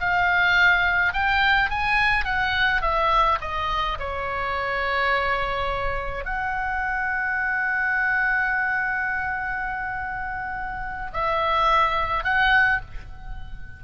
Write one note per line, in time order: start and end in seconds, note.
0.00 1.14 F5
1.14 1.70 G5
1.70 2.25 G#5
2.25 2.82 F#5
2.82 3.39 E5
3.41 3.98 D#5
3.99 6.25 C#5
6.25 11.11 F#5
11.14 12.24 E5
12.24 12.81 F#5